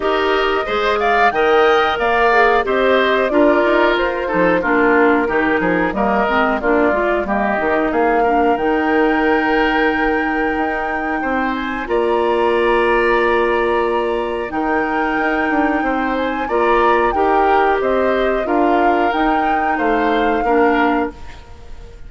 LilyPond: <<
  \new Staff \with { instrumentName = "flute" } { \time 4/4 \tempo 4 = 91 dis''4. f''8 g''4 f''4 | dis''4 d''4 c''4 ais'4~ | ais'4 dis''4 d''4 dis''4 | f''4 g''2.~ |
g''4. gis''8 ais''2~ | ais''2 g''2~ | g''8 gis''8 ais''4 g''4 dis''4 | f''4 g''4 f''2 | }
  \new Staff \with { instrumentName = "oboe" } { \time 4/4 ais'4 c''8 d''8 dis''4 d''4 | c''4 ais'4. a'8 f'4 | g'8 gis'8 ais'4 f'4 g'4 | gis'8 ais'2.~ ais'8~ |
ais'4 c''4 d''2~ | d''2 ais'2 | c''4 d''4 ais'4 c''4 | ais'2 c''4 ais'4 | }
  \new Staff \with { instrumentName = "clarinet" } { \time 4/4 g'4 gis'4 ais'4. gis'8 | g'4 f'4. dis'8 d'4 | dis'4 ais8 c'8 d'8 f'8 ais8 dis'8~ | dis'8 d'8 dis'2.~ |
dis'2 f'2~ | f'2 dis'2~ | dis'4 f'4 g'2 | f'4 dis'2 d'4 | }
  \new Staff \with { instrumentName = "bassoon" } { \time 4/4 dis'4 gis4 dis4 ais4 | c'4 d'8 dis'8 f'8 f8 ais4 | dis8 f8 g8 gis8 ais8 gis8 g8 dis8 | ais4 dis2. |
dis'4 c'4 ais2~ | ais2 dis4 dis'8 d'8 | c'4 ais4 dis'4 c'4 | d'4 dis'4 a4 ais4 | }
>>